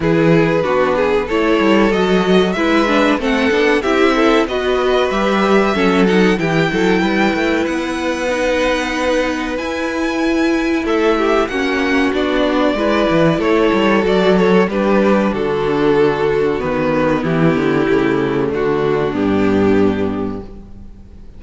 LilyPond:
<<
  \new Staff \with { instrumentName = "violin" } { \time 4/4 \tempo 4 = 94 b'2 cis''4 dis''4 | e''4 fis''4 e''4 dis''4 | e''4. fis''8 g''2 | fis''2. gis''4~ |
gis''4 e''4 fis''4 d''4~ | d''4 cis''4 d''8 cis''8 b'4 | a'2 b'4 g'4~ | g'4 fis'4 g'2 | }
  \new Staff \with { instrumentName = "violin" } { \time 4/4 gis'4 fis'8 gis'8 a'2 | b'4 a'4 g'8 a'8 b'4~ | b'4 a'4 g'8 a'8 b'4~ | b'1~ |
b'4 a'8 g'8 fis'2 | b'4 a'2 g'4 | fis'2. e'4~ | e'4 d'2. | }
  \new Staff \with { instrumentName = "viola" } { \time 4/4 e'4 d'4 e'4 fis'4 | e'8 d'8 c'8 d'8 e'4 fis'4 | g'4 cis'8 dis'8 e'2~ | e'4 dis'2 e'4~ |
e'2 cis'4 d'4 | e'2 fis'8 a'8 d'4~ | d'2 b2 | a2 b2 | }
  \new Staff \with { instrumentName = "cello" } { \time 4/4 e4 b4 a8 g8 fis4 | gis4 a8 b8 c'4 b4 | g4 fis4 e8 fis8 g8 a8 | b2. e'4~ |
e'4 a4 ais4 b4 | gis8 e8 a8 g8 fis4 g4 | d2 dis4 e8 d8 | cis4 d4 g,2 | }
>>